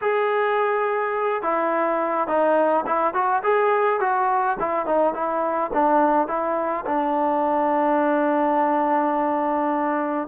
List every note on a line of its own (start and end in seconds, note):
0.01 1.42 G#4
1.42 2.27 E4
2.27 2.84 D#4
2.86 3.14 E4
3.14 3.42 F#4
3.43 4.00 G#4
4.00 4.57 F#4
4.59 4.86 E4
4.86 5.14 D#4
5.14 5.71 E4
5.73 6.27 D4
6.27 6.84 E4
6.86 10.28 D4